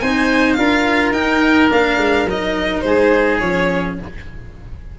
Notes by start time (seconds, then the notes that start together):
0.00 C4 D#4 C5 G#5
0.53 D4 F4 A#4 F5
1.12 D#4 G5
1.70 A#3 D4 F5
1.97 G#3
2.25 F#3 D#4 D#5
2.81 G#3 G#4 C5
3.39 F3 C#4 C#5